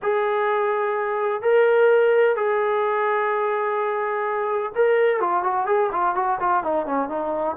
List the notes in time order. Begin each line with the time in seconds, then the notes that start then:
0.02 G#4
1.42 A#4
2.36 G#4
4.75 A#4
5.20 F4
5.43 F#4
5.66 G#4
5.92 F4
6.15 F#4
6.40 F4
6.63 D#4
6.85 C#4
7.09 D#4